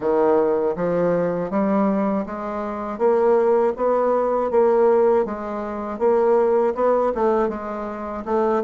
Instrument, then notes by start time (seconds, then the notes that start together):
bassoon
0.00 D#3
0.76 F3
1.50 G3
2.26 G#3
2.98 A#3
3.76 B3
4.50 A#3
5.25 G#3
5.99 A#3
6.75 B3
7.15 A3
7.49 G#3
8.25 A3